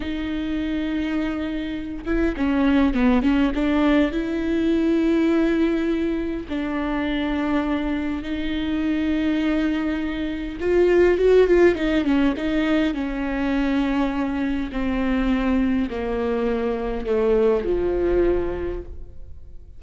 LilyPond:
\new Staff \with { instrumentName = "viola" } { \time 4/4 \tempo 4 = 102 dis'2.~ dis'8 e'8 | cis'4 b8 cis'8 d'4 e'4~ | e'2. d'4~ | d'2 dis'2~ |
dis'2 f'4 fis'8 f'8 | dis'8 cis'8 dis'4 cis'2~ | cis'4 c'2 ais4~ | ais4 a4 f2 | }